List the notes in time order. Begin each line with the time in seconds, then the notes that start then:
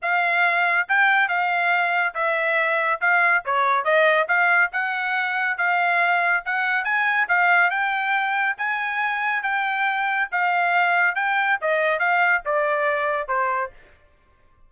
0.01 F5
0.88 G5
1.28 F5
2.14 E5
3.00 F5
3.45 C#5
3.84 D#5
4.28 F5
4.72 F#5
5.57 F5
6.45 F#5
6.84 G#5
7.28 F5
7.70 G5
8.57 G#5
9.42 G5
10.31 F5
11.15 G5
11.61 D#5
11.99 F5
12.45 D5
13.27 C5